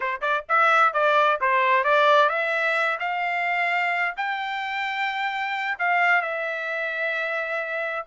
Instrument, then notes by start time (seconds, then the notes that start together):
trumpet
0.00 C5
0.21 D5
0.48 E5
0.93 D5
1.41 C5
1.84 D5
2.29 E5
2.99 F5
4.16 G5
5.78 F5
6.21 E5